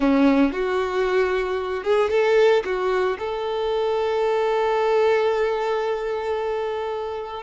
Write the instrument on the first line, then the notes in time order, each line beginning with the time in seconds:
violin
0.00 C#4
0.52 F#4
1.83 G#4
2.10 A4
2.64 F#4
3.19 A4